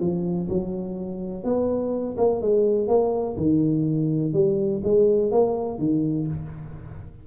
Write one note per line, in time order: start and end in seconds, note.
0.00 0.48 F3
0.49 1.44 F#3
1.44 2.16 B3
2.18 2.42 A#3
2.42 2.88 G#3
2.88 3.36 A#3
3.37 4.34 D#3
4.34 4.82 G3
4.84 5.31 G#3
5.31 5.79 A#3
5.79 6.27 D#3